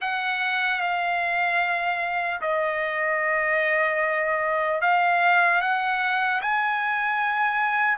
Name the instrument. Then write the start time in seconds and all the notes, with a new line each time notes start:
trumpet
0.01 F#5
0.80 F5
2.41 D#5
4.81 F5
5.61 F#5
6.41 G#5